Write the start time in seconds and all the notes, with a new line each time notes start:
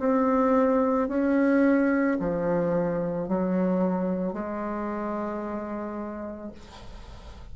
0.00 C4
1.09 C#4
2.20 F3
3.28 F#3
4.33 G#3